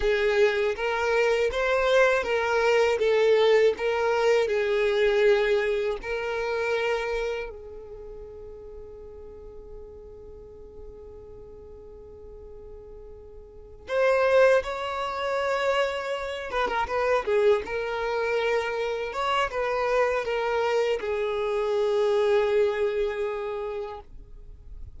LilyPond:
\new Staff \with { instrumentName = "violin" } { \time 4/4 \tempo 4 = 80 gis'4 ais'4 c''4 ais'4 | a'4 ais'4 gis'2 | ais'2 gis'2~ | gis'1~ |
gis'2~ gis'8 c''4 cis''8~ | cis''2 b'16 ais'16 b'8 gis'8 ais'8~ | ais'4. cis''8 b'4 ais'4 | gis'1 | }